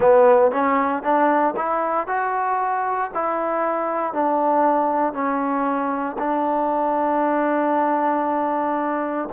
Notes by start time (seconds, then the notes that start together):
0.00 B3
0.51 C#4
1.03 D4
1.56 E4
2.07 F#4
3.14 E4
4.13 D4
5.13 C#4
6.18 D4